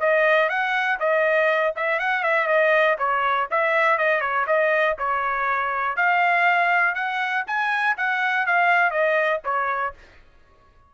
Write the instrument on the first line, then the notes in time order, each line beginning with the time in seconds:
trumpet
0.00 D#5
0.49 F#5
0.99 D#5
1.76 E5
1.99 F#5
2.23 E5
2.47 D#5
2.98 C#5
3.51 E5
3.98 D#5
4.21 C#5
4.47 D#5
4.99 C#5
5.96 F5
6.95 F#5
7.47 G#5
7.97 F#5
8.47 F5
8.91 D#5
9.44 C#5